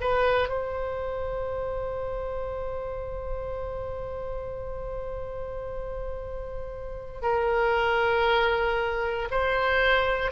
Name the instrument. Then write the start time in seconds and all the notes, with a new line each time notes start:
oboe
0.00 B4
0.49 C5
7.22 A#4
9.31 C5